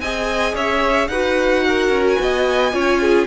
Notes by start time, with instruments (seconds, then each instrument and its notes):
0.00 cello C4, viola G#4, violin D#5 G#5
0.55 cello C#4, violin C#5 E5
1.08 cello D#4, viola F#4, violin B4 F#5
1.68 violin A#4
1.90 cello C#4
2.08 violin G#5
2.20 cello B3, violin D#5
2.72 cello C#4, viola F4, violin C#5
3.01 violin G#4